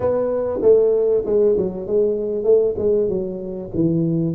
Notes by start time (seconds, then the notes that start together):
0.00 B3
0.62 A3
1.25 G#3
1.57 F#3
1.86 G#3
2.43 A3
2.78 G#3
3.08 F#3
3.74 E3